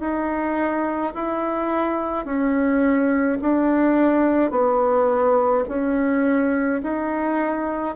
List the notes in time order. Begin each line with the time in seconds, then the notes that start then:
0.00 D#4
1.14 E4
2.25 C#4
3.41 D4
4.50 B3
5.68 C#4
6.83 D#4